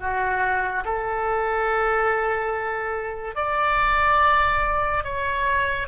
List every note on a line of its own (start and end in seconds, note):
0.00 0.85 F#4
0.85 3.36 A4
3.36 5.04 D5
5.04 5.88 C#5